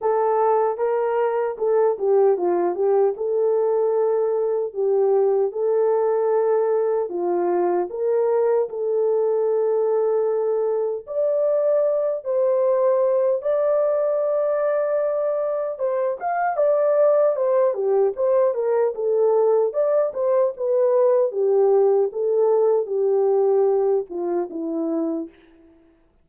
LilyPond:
\new Staff \with { instrumentName = "horn" } { \time 4/4 \tempo 4 = 76 a'4 ais'4 a'8 g'8 f'8 g'8 | a'2 g'4 a'4~ | a'4 f'4 ais'4 a'4~ | a'2 d''4. c''8~ |
c''4 d''2. | c''8 f''8 d''4 c''8 g'8 c''8 ais'8 | a'4 d''8 c''8 b'4 g'4 | a'4 g'4. f'8 e'4 | }